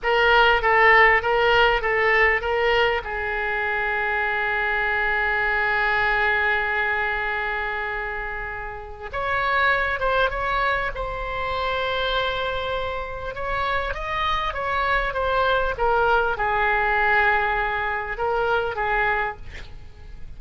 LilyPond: \new Staff \with { instrumentName = "oboe" } { \time 4/4 \tempo 4 = 99 ais'4 a'4 ais'4 a'4 | ais'4 gis'2.~ | gis'1~ | gis'2. cis''4~ |
cis''8 c''8 cis''4 c''2~ | c''2 cis''4 dis''4 | cis''4 c''4 ais'4 gis'4~ | gis'2 ais'4 gis'4 | }